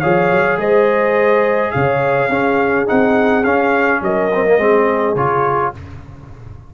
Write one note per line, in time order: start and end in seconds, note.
0.00 0.31 F3
0.00 2.30 G#4
0.00 0.58 C#5
0.00 0.57 F5
0.31 0.57 F#3
0.57 1.71 G#3
0.57 1.73 C5
0.57 1.71 D#5
1.71 2.29 C#3
1.71 2.29 C#5
1.71 2.85 F5
2.29 2.86 C#4
2.29 4.00 G#4
2.86 3.44 C4
2.86 3.44 D#4
2.86 3.44 F#5
3.44 4.01 C#4
3.44 4.31 C#4
3.44 4.01 F5
4.01 4.57 F#3
4.01 4.58 A#4
4.01 5.15 D#5
4.34 4.44 C4
4.44 4.58 A#3
4.57 5.15 G#3
4.57 5.16 C4
4.57 5.73 G#4
5.15 5.72 C#3
5.15 5.74 F4
5.15 5.72 C#5